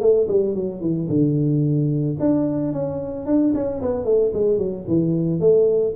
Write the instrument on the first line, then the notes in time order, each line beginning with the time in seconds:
tuba
0.00 A3
0.28 G3
0.55 F#3
0.80 E3
1.09 D3
2.19 D4
2.72 C#4
3.26 D4
3.54 C#4
3.81 B3
4.04 A3
4.33 G#3
4.57 F#3
4.87 E3
5.40 A3